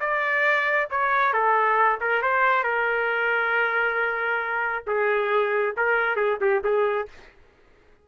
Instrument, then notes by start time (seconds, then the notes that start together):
trumpet
0.00 D5
0.90 C#5
1.33 A4
2.00 A#4
2.22 C5
2.64 A#4
4.86 G#4
5.77 A#4
6.16 G#4
6.41 G4
6.64 G#4